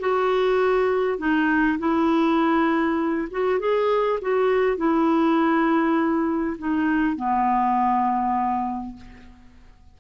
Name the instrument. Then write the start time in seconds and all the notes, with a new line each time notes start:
clarinet
0.00 F#4
1.19 D#4
1.79 E4
3.31 F#4
3.60 G#4
4.22 F#4
4.78 E4
6.59 D#4
7.16 B3